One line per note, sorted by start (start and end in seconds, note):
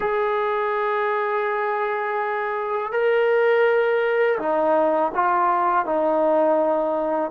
0.00 2.92 G#4
2.92 4.38 A#4
4.38 5.12 D#4
5.15 5.85 F4
5.85 7.30 D#4